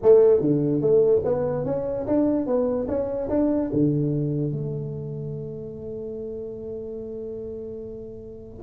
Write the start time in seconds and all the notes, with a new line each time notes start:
0.02 A3
0.40 D3
0.81 A3
1.24 B3
1.65 C#4
2.06 D4
2.46 B3
2.87 C#4
3.29 D4
3.72 D3
4.52 A3